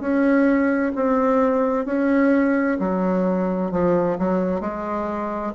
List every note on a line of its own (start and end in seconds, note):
0.00 0.92 C#4
0.96 1.86 C4
1.86 2.78 C#4
2.79 3.71 F#3
3.71 4.17 F3
4.19 4.61 F#3
4.61 5.53 G#3